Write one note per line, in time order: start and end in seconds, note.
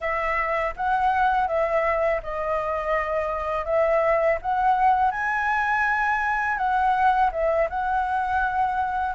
0.00 0.74 E5
0.76 1.47 F#5
1.47 2.21 E5
2.23 3.65 D#5
3.65 4.38 E5
4.41 5.11 F#5
5.11 6.57 G#5
6.57 7.30 F#5
7.31 7.68 E5
7.69 9.15 F#5